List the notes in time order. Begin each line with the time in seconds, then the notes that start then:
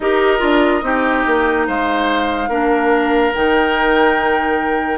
0.00 D#4 G4 A#4 D#5
0.38 D4 F4
0.82 C4 D#4 G4
1.26 A#3
1.67 G#3 C5 F5
2.48 A#3 D4 A#4
3.34 D#3 D#4 G5